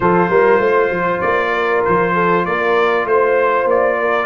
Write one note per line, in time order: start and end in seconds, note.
0.00 0.29 F3
0.00 4.26 F4
0.00 0.30 A4
0.00 1.21 C5
0.29 0.59 G3
0.29 0.60 A#4
0.59 0.89 A3
0.59 1.51 C5
0.89 1.20 F3
1.21 1.84 A#3
1.21 1.82 D5
1.53 2.14 A#4
1.85 2.46 F3
1.85 2.45 C5
2.14 2.44 A4
2.45 3.05 A#3
2.45 3.06 A#4
2.45 3.06 D5
3.05 3.65 A3
3.05 3.99 C5
3.05 3.68 C5
3.65 4.26 A#3
3.65 4.26 D5
3.99 4.26 A#4